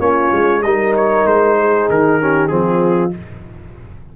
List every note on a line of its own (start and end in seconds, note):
0.00 0.31 A#3
0.00 0.63 C#4
0.00 0.62 F4
0.00 0.63 C#5
0.32 0.62 G#3
0.62 1.25 G3
0.62 2.21 D#4
0.62 1.59 A#4
0.62 0.94 D#5
0.97 1.27 C#5
1.26 1.88 G#3
1.26 1.89 C5
1.59 2.21 G#4
1.90 2.51 D#3
1.90 2.48 A#4
2.21 2.49 C#4
2.21 2.52 G4
2.48 3.13 F3
2.48 3.11 C4
2.48 3.17 F4
2.48 3.11 G#4